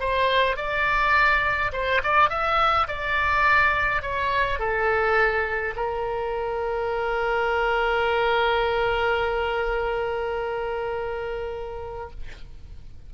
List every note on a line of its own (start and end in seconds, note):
0.00 0.56 C5
0.56 1.72 D5
1.73 2.01 C5
2.03 2.29 D5
2.29 2.87 E5
2.87 4.02 D5
4.02 4.59 C#5
4.59 5.74 A4
5.76 12.10 A#4